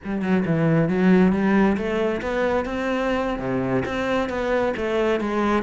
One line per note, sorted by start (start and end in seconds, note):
0.04 0.22 G3
0.22 0.44 F#3
0.45 0.88 E3
0.88 1.32 F#3
1.32 1.76 G3
1.77 2.21 A3
2.21 2.65 B3
2.65 3.39 C4
3.39 3.83 C3
3.85 4.29 C4
4.29 4.73 B3
4.76 5.20 A3
5.20 5.62 G#3